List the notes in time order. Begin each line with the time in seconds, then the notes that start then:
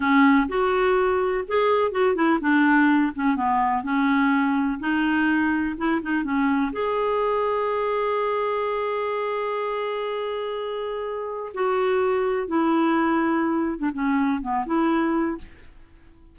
0.00 C#4
0.48 F#4
1.47 G#4
1.91 F#4
2.15 E4
2.40 D4
3.15 C#4
3.36 B3
3.83 C#4
4.79 D#4
5.77 E4
6.02 D#4
6.23 C#4
6.72 G#4
11.54 F#4
12.47 E4
13.78 D4
13.93 C#4
14.41 B3
14.66 E4